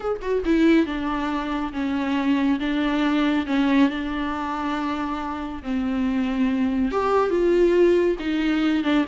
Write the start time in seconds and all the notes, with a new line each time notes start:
0.00 G#4
0.21 F#4
0.45 E4
0.86 D4
1.72 C#4
2.59 D4
3.46 C#4
3.89 D4
5.62 C4
6.91 G4
7.29 F4
8.19 D#4
8.83 D4